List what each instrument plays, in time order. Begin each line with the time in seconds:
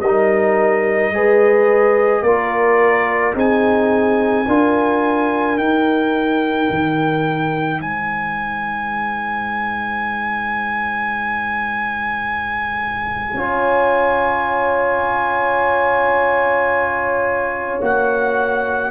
0.00 tuba G3, trombone D#4, horn A#4, trumpet D#5
1.10 tuba G#3, trombone G#4, horn B4
2.22 tuba A#3, trombone F4, horn A#4, trumpet D5
3.33 tuba C4, trombone D#4, horn G#4, trumpet G#5
4.47 tuba D4, trombone F4, horn A#4
5.57 tuba D#4, trombone D#4, trumpet G5
6.69 tuba D#3
7.80 tuba G#3, horn C5, trumpet G#5
13.34 tuba C#4, trombone F4, horn C#5
17.80 tuba A#3, trombone F#4, trumpet F#5